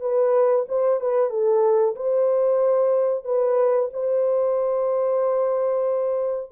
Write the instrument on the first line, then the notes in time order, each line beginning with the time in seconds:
horn
0.00 B4
0.68 C5
1.00 B4
1.30 A4
1.95 C5
3.24 B4
3.93 C5